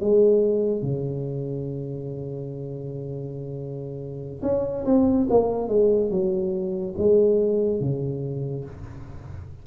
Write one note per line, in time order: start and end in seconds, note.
0.00 0.82 G#3
0.82 4.41 C#3
4.42 4.84 C#4
4.85 5.27 C4
5.30 5.68 A#3
5.68 6.10 G#3
6.10 6.94 F#3
6.98 7.80 G#3
7.80 8.65 C#3